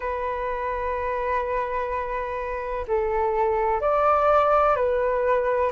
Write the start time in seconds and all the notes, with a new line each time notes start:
0.00 B4
2.87 A4
3.81 D5
4.76 B4